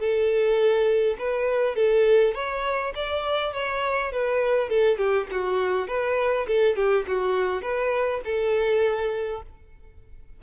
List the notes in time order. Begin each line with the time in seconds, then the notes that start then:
0.00 A4
1.19 B4
1.76 A4
2.35 C#5
2.95 D5
3.54 C#5
4.13 B4
4.70 A4
4.98 G4
5.32 F#4
5.88 B4
6.48 A4
6.76 G4
7.08 F#4
7.62 B4
8.25 A4